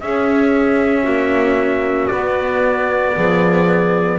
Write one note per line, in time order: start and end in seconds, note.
0.00 1.05 C#4
0.00 2.11 C#4
0.00 1.03 G#4
0.00 2.07 E5
1.03 2.10 A#3
1.03 3.13 F#4
2.07 3.16 B3
2.07 4.19 B3
2.07 4.17 D5
3.15 4.19 F3
3.15 4.19 G#4